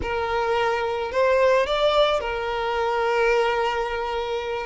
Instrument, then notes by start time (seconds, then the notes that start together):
violin
0.02 A#4
1.11 C5
1.66 D5
2.20 A#4